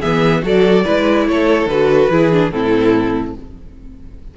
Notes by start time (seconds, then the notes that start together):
0.00 E3 B3 G#4 E5
0.43 F#3 F#4 A4 D5
0.85 G#3 E4 B4
1.28 A3 A4 C#5
1.66 D3 F#4 B4
2.10 E3 E4 G#4
2.32 D4
2.51 A2 C4 E4 A4